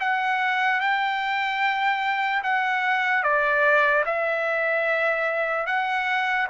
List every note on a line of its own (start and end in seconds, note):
0.00 0.80 F#5
0.80 2.43 G5
2.43 3.23 F#5
3.23 4.04 D5
4.06 5.66 E5
5.66 6.48 F#5